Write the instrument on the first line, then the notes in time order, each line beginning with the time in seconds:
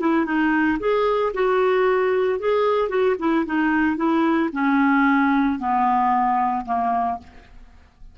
clarinet
0.00 E4
0.26 D#4
0.80 G#4
1.34 F#4
2.40 G#4
2.89 F#4
3.19 E4
3.46 D#4
3.97 E4
4.53 C#4
5.59 B3
6.66 A#3